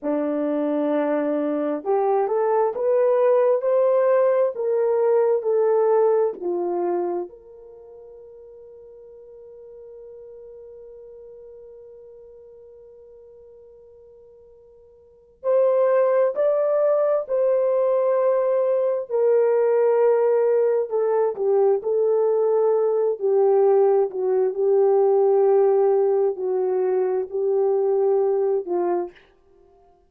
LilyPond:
\new Staff \with { instrumentName = "horn" } { \time 4/4 \tempo 4 = 66 d'2 g'8 a'8 b'4 | c''4 ais'4 a'4 f'4 | ais'1~ | ais'1~ |
ais'4 c''4 d''4 c''4~ | c''4 ais'2 a'8 g'8 | a'4. g'4 fis'8 g'4~ | g'4 fis'4 g'4. f'8 | }